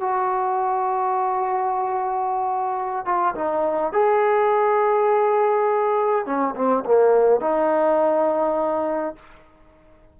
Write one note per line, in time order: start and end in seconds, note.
0.00 3.05 F#4
3.05 3.34 F4
3.35 3.93 D#4
3.93 6.26 G#4
6.26 6.55 C#4
6.55 6.84 C4
6.85 7.41 A#3
7.41 9.15 D#4